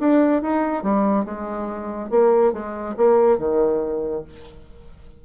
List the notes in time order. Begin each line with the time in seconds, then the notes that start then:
0.00 D4
0.42 D#4
0.83 G3
1.25 G#3
2.11 A#3
2.53 G#3
2.97 A#3
3.39 D#3